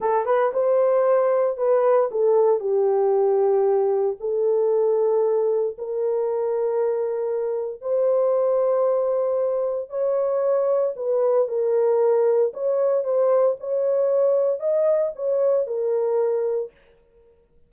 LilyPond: \new Staff \with { instrumentName = "horn" } { \time 4/4 \tempo 4 = 115 a'8 b'8 c''2 b'4 | a'4 g'2. | a'2. ais'4~ | ais'2. c''4~ |
c''2. cis''4~ | cis''4 b'4 ais'2 | cis''4 c''4 cis''2 | dis''4 cis''4 ais'2 | }